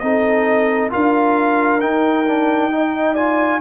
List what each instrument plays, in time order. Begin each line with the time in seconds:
0.00 tuba C4, trombone D#4, horn A4, trumpet D#5
0.90 tuba D4, trombone F4, horn A#4, trumpet F5
1.81 trombone D#4, tuba D#4, trumpet G5
2.27 trombone D4
2.72 trombone D#4, horn D#5
3.14 trombone F4, horn D5, trumpet G#5